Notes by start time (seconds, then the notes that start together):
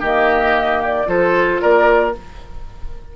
0.00 D#3 A#3 G4 D#5
0.84 D5
1.06 F3 F4 A4 C5
1.61 A#3 A#4 D5